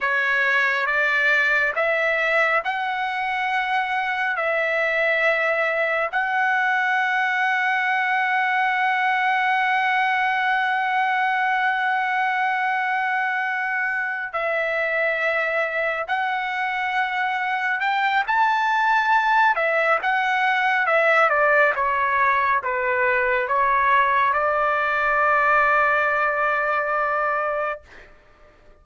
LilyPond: \new Staff \with { instrumentName = "trumpet" } { \time 4/4 \tempo 4 = 69 cis''4 d''4 e''4 fis''4~ | fis''4 e''2 fis''4~ | fis''1~ | fis''1~ |
fis''8 e''2 fis''4.~ | fis''8 g''8 a''4. e''8 fis''4 | e''8 d''8 cis''4 b'4 cis''4 | d''1 | }